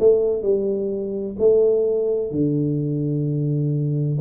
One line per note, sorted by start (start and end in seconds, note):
0.00 0.43 A3
0.43 1.36 G3
1.39 2.31 A3
2.31 4.19 D3